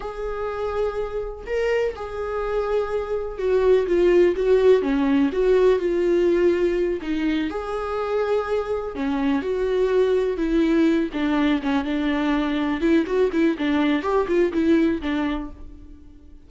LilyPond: \new Staff \with { instrumentName = "viola" } { \time 4/4 \tempo 4 = 124 gis'2. ais'4 | gis'2. fis'4 | f'4 fis'4 cis'4 fis'4 | f'2~ f'8 dis'4 gis'8~ |
gis'2~ gis'8 cis'4 fis'8~ | fis'4. e'4. d'4 | cis'8 d'2 e'8 fis'8 e'8 | d'4 g'8 f'8 e'4 d'4 | }